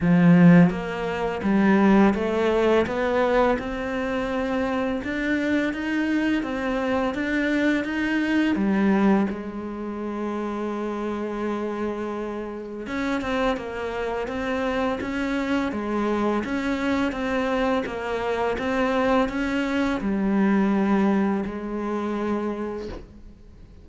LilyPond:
\new Staff \with { instrumentName = "cello" } { \time 4/4 \tempo 4 = 84 f4 ais4 g4 a4 | b4 c'2 d'4 | dis'4 c'4 d'4 dis'4 | g4 gis2.~ |
gis2 cis'8 c'8 ais4 | c'4 cis'4 gis4 cis'4 | c'4 ais4 c'4 cis'4 | g2 gis2 | }